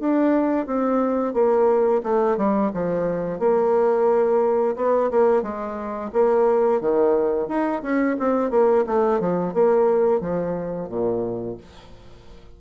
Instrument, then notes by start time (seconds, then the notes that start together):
bassoon
0.00 D4
0.67 C4
1.34 A#3
2.04 A3
2.37 G3
2.74 F3
3.39 A#3
4.76 B3
5.11 A#3
5.43 G#3
6.13 A#3
6.81 D#3
7.48 D#4
7.83 C#4
8.19 C4
8.51 A#3
8.87 A3
9.20 F3
9.54 A#3
10.21 F3
10.89 A#2